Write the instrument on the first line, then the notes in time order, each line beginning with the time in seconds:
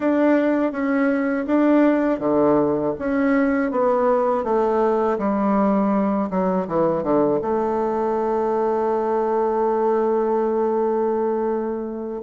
bassoon
0.00 D4
0.71 C#4
1.46 D4
2.19 D3
2.98 C#4
3.71 B3
4.44 A3
5.18 G3
6.30 F#3
6.67 E3
7.03 D3
7.41 A3